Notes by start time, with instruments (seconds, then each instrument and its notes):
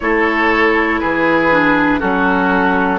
0.00 bassoon A3, clarinet E4, oboe A4, flute C#5
0.99 bassoon E3, oboe G#4, flute B4
1.51 clarinet D4
1.99 bassoon F#3, clarinet C#4, oboe F#4, flute A4